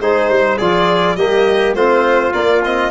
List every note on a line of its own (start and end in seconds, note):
0.00 0.29 G#3
0.00 0.59 D#4
0.00 0.29 G#4
0.00 0.58 C5
0.29 0.58 G3
0.29 0.57 C5
0.57 1.16 F3
0.57 1.18 F4
0.57 1.16 G#4
0.57 1.16 D5
1.16 1.74 G3
1.16 1.76 A#3
1.16 1.76 G4
1.16 1.74 D#5
1.74 2.32 A3
1.74 2.32 C4
1.74 2.91 F4
1.74 2.33 C5
2.32 2.61 A#3
2.32 2.91 A#3
2.32 2.62 D5
2.64 2.91 C4
2.64 2.91 D#5